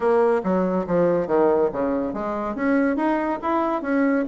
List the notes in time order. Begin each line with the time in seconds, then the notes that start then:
0.00 A#3
0.43 F#3
0.86 F3
1.27 D#3
1.72 C#3
2.13 G#3
2.55 C#4
2.96 D#4
3.42 E4
3.82 C#4